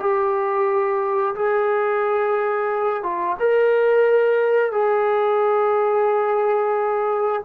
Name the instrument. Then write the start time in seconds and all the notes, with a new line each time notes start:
trombone
0.00 G4
1.35 G#4
3.03 F4
3.40 A#4
4.72 G#4